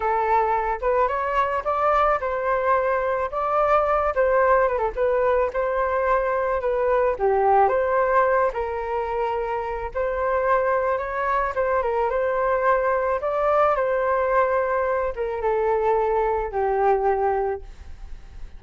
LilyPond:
\new Staff \with { instrumentName = "flute" } { \time 4/4 \tempo 4 = 109 a'4. b'8 cis''4 d''4 | c''2 d''4. c''8~ | c''8 b'16 a'16 b'4 c''2 | b'4 g'4 c''4. ais'8~ |
ais'2 c''2 | cis''4 c''8 ais'8 c''2 | d''4 c''2~ c''8 ais'8 | a'2 g'2 | }